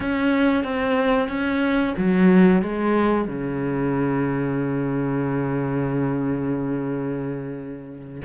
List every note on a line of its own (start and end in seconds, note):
0.00 0.64 C#4
0.64 1.28 C4
1.28 1.94 C#4
1.98 2.62 F#3
2.62 3.27 G#3
3.27 8.21 C#3